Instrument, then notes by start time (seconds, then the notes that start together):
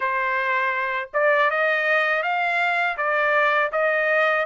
trumpet
0.00 C5
1.13 D5
1.50 D#5
2.22 F5
2.97 D5
3.72 D#5